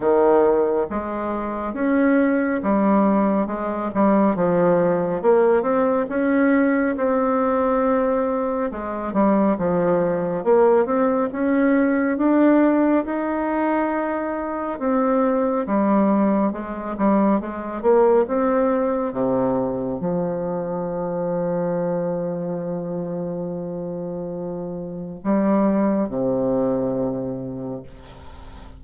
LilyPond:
\new Staff \with { instrumentName = "bassoon" } { \time 4/4 \tempo 4 = 69 dis4 gis4 cis'4 g4 | gis8 g8 f4 ais8 c'8 cis'4 | c'2 gis8 g8 f4 | ais8 c'8 cis'4 d'4 dis'4~ |
dis'4 c'4 g4 gis8 g8 | gis8 ais8 c'4 c4 f4~ | f1~ | f4 g4 c2 | }